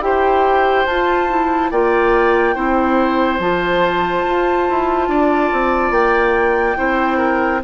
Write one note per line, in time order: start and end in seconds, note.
0.00 0.85 E4
0.00 0.86 G4
0.00 1.70 C5
0.00 0.86 G5
0.86 1.70 F4
0.86 1.29 F4
0.86 1.70 A5
1.29 1.72 E4
1.70 2.55 A#3
1.70 2.54 F4
1.70 2.54 D5
1.70 3.39 G5
2.54 3.39 C4
2.54 3.39 E4
2.54 5.08 C5
3.39 4.23 F3
3.39 6.76 F4
3.39 5.92 A5
4.26 4.68 F4
4.69 5.08 E4
5.08 5.50 D4
5.08 6.77 D5
5.52 5.90 C4
5.90 6.75 A#3
5.90 7.61 G5
6.76 7.63 C4
6.76 7.60 E4
6.76 7.17 C5
7.17 7.60 A#4